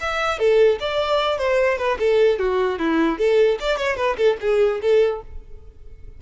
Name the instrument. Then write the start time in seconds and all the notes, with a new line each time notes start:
violin
0.00 E5
0.39 A4
0.80 D5
1.38 C5
1.78 B4
1.99 A4
2.39 F#4
2.79 E4
3.18 A4
3.60 D5
3.77 C#5
3.96 B4
4.17 A4
4.41 G#4
4.81 A4